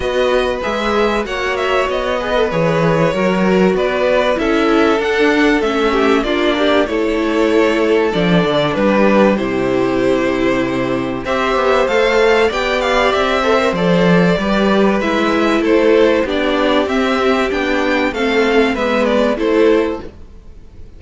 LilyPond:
<<
  \new Staff \with { instrumentName = "violin" } { \time 4/4 \tempo 4 = 96 dis''4 e''4 fis''8 e''8 dis''4 | cis''2 d''4 e''4 | fis''4 e''4 d''4 cis''4~ | cis''4 d''4 b'4 c''4~ |
c''2 e''4 f''4 | g''8 f''8 e''4 d''2 | e''4 c''4 d''4 e''4 | g''4 f''4 e''8 d''8 c''4 | }
  \new Staff \with { instrumentName = "violin" } { \time 4/4 b'2 cis''4. b'8~ | b'4 ais'4 b'4 a'4~ | a'4. g'8 f'8 g'8 a'4~ | a'2 g'2~ |
g'2 c''2 | d''4. c''4. b'4~ | b'4 a'4 g'2~ | g'4 a'4 b'4 a'4 | }
  \new Staff \with { instrumentName = "viola" } { \time 4/4 fis'4 gis'4 fis'4. gis'16 a'16 | gis'4 fis'2 e'4 | d'4 cis'4 d'4 e'4~ | e'4 d'2 e'4~ |
e'2 g'4 a'4 | g'4. a'16 ais'16 a'4 g'4 | e'2 d'4 c'4 | d'4 c'4 b4 e'4 | }
  \new Staff \with { instrumentName = "cello" } { \time 4/4 b4 gis4 ais4 b4 | e4 fis4 b4 cis'4 | d'4 a4 ais4 a4~ | a4 f8 d8 g4 c4~ |
c2 c'8 b8 a4 | b4 c'4 f4 g4 | gis4 a4 b4 c'4 | b4 a4 gis4 a4 | }
>>